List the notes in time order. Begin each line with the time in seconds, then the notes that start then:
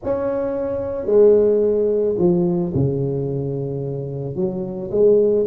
0.03 C#4
1.06 G#3
2.18 F3
2.74 C#3
4.35 F#3
4.91 G#3